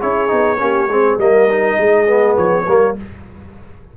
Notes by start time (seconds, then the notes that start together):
0.00 C#4 E4 G#4 C#5
0.28 B3 D#4
0.58 A#3 C#4 G4
0.87 G#3 C4 G#4
1.18 G3 A#3 A#4 D#5
1.50 D#4
1.78 G#3 G#4
2.07 B3
2.37 F3 C#5
2.67 G3 A#3 A#4